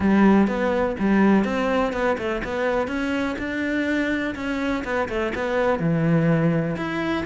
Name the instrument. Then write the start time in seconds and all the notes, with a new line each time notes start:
cello
0.00 G3
0.47 B3
0.99 G3
1.44 C4
1.92 B3
2.18 A3
2.43 B3
2.87 C#4
3.38 D4
4.35 C#4
4.84 B3
5.08 A3
5.34 B3
5.79 E3
6.76 E4